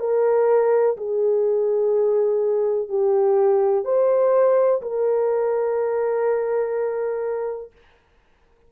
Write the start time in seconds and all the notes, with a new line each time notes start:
0.00 A#4
0.97 G#4
2.89 G4
3.85 C5
4.82 A#4